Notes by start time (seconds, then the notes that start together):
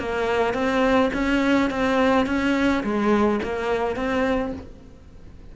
0.00 A#3
0.54 C4
1.14 C#4
1.71 C4
2.27 C#4
2.84 G#3
3.43 A#3
3.96 C4